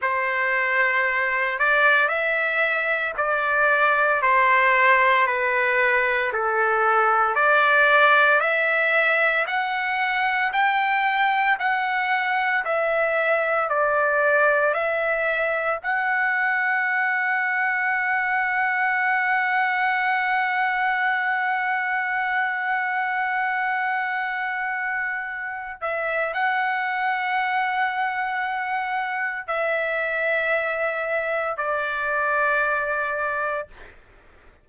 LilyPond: \new Staff \with { instrumentName = "trumpet" } { \time 4/4 \tempo 4 = 57 c''4. d''8 e''4 d''4 | c''4 b'4 a'4 d''4 | e''4 fis''4 g''4 fis''4 | e''4 d''4 e''4 fis''4~ |
fis''1~ | fis''1~ | fis''8 e''8 fis''2. | e''2 d''2 | }